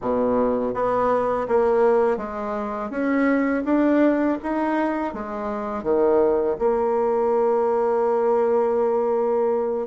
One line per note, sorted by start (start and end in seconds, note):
0.01 0.74 B2
0.74 1.47 B3
1.48 2.17 A#3
2.17 2.90 G#3
2.90 3.63 C#4
3.65 4.38 D4
4.42 5.13 D#4
5.13 5.83 G#3
5.83 6.56 D#3
6.59 9.87 A#3